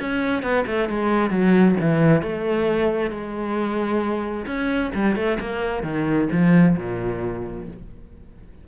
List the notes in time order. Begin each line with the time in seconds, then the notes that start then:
0.00 C#4
0.42 B3
0.66 A3
0.89 G#3
1.30 F#3
1.80 E3
2.22 A3
3.10 G#3
4.46 C#4
4.94 G3
5.16 A3
5.40 A#3
5.83 D#3
6.31 F3
6.77 A#2